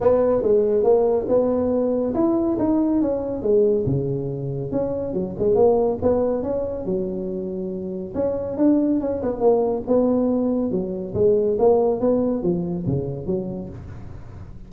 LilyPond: \new Staff \with { instrumentName = "tuba" } { \time 4/4 \tempo 4 = 140 b4 gis4 ais4 b4~ | b4 e'4 dis'4 cis'4 | gis4 cis2 cis'4 | fis8 gis8 ais4 b4 cis'4 |
fis2. cis'4 | d'4 cis'8 b8 ais4 b4~ | b4 fis4 gis4 ais4 | b4 f4 cis4 fis4 | }